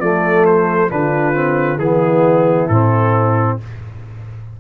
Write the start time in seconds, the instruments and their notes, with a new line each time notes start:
0.00 tuba F3, trombone A3, horn A4, trumpet D5
0.46 trumpet C5
0.90 tuba D3, trombone D4, horn F4, trumpet B4
1.34 trombone C4
1.78 tuba E3, trombone B3, horn E4, trumpet G#4
2.68 tuba A2, trombone C4, trumpet A4